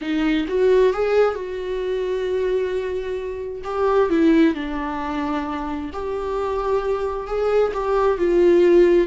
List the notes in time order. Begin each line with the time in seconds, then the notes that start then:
0.01 D#4
0.48 F#4
0.93 G#4
1.35 F#4
3.64 G4
4.09 E4
4.54 D4
5.93 G4
7.27 G#4
7.73 G4
8.18 F4